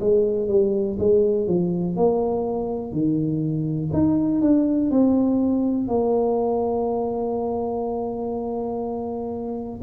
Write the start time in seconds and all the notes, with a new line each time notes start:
0.00 G#3
0.48 G3
0.99 G#3
1.47 F3
1.96 A#3
2.92 D#3
3.93 D#4
4.41 D4
4.90 C4
5.87 A#3